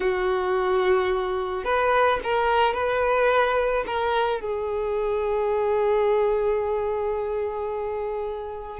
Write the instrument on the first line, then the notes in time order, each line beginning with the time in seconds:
violin
0.00 F#4
1.64 B4
2.23 A#4
2.74 B4
3.86 A#4
4.41 G#4